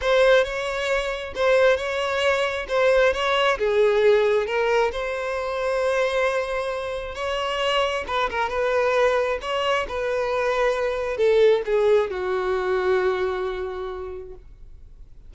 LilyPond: \new Staff \with { instrumentName = "violin" } { \time 4/4 \tempo 4 = 134 c''4 cis''2 c''4 | cis''2 c''4 cis''4 | gis'2 ais'4 c''4~ | c''1 |
cis''2 b'8 ais'8 b'4~ | b'4 cis''4 b'2~ | b'4 a'4 gis'4 fis'4~ | fis'1 | }